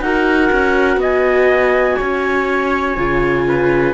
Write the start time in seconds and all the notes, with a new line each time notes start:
0.00 D#4 F#4 A#4 F#5
0.52 C#4
0.97 B3 D#5 G#5
1.97 C#4 C#5
2.97 C#3 F4
3.48 B4